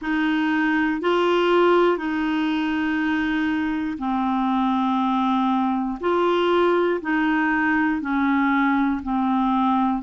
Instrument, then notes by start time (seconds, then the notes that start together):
clarinet
0.01 D#4
1.01 F4
1.97 D#4
3.98 C4
6.00 F4
7.00 D#4
8.00 C#4
9.02 C4